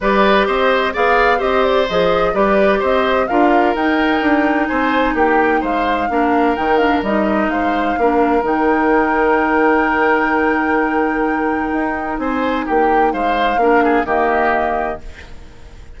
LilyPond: <<
  \new Staff \with { instrumentName = "flute" } { \time 4/4 \tempo 4 = 128 d''4 dis''4 f''4 dis''8 d''8 | dis''4 d''4 dis''4 f''4 | g''2 gis''4 g''4 | f''2 g''8 f''8 dis''4 |
f''2 g''2~ | g''1~ | g''2 gis''4 g''4 | f''2 dis''2 | }
  \new Staff \with { instrumentName = "oboe" } { \time 4/4 b'4 c''4 d''4 c''4~ | c''4 b'4 c''4 ais'4~ | ais'2 c''4 g'4 | c''4 ais'2. |
c''4 ais'2.~ | ais'1~ | ais'2 c''4 g'4 | c''4 ais'8 gis'8 g'2 | }
  \new Staff \with { instrumentName = "clarinet" } { \time 4/4 g'2 gis'4 g'4 | gis'4 g'2 f'4 | dis'1~ | dis'4 d'4 dis'8 d'8 dis'4~ |
dis'4 d'4 dis'2~ | dis'1~ | dis'1~ | dis'4 d'4 ais2 | }
  \new Staff \with { instrumentName = "bassoon" } { \time 4/4 g4 c'4 b4 c'4 | f4 g4 c'4 d'4 | dis'4 d'4 c'4 ais4 | gis4 ais4 dis4 g4 |
gis4 ais4 dis2~ | dis1~ | dis4 dis'4 c'4 ais4 | gis4 ais4 dis2 | }
>>